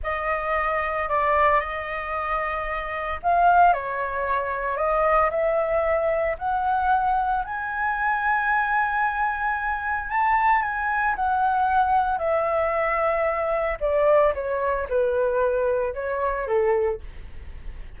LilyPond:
\new Staff \with { instrumentName = "flute" } { \time 4/4 \tempo 4 = 113 dis''2 d''4 dis''4~ | dis''2 f''4 cis''4~ | cis''4 dis''4 e''2 | fis''2 gis''2~ |
gis''2. a''4 | gis''4 fis''2 e''4~ | e''2 d''4 cis''4 | b'2 cis''4 a'4 | }